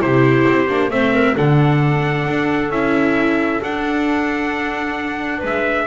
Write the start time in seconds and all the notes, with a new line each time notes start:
0.00 C3 E4 G4 C5
0.48 C4
0.68 A#3 D4
0.91 A3 C4 C5 E5
1.14 A#4
1.35 D3 D4 A4 F#5
2.27 D4
2.70 C#4 E4 E5
3.62 D4 F#5
5.38 G#3 B4
5.46 E5